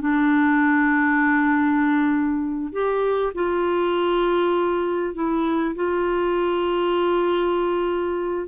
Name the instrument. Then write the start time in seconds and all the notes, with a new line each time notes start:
clarinet
0.00 D4
2.72 G4
3.34 F4
5.14 E4
5.75 F4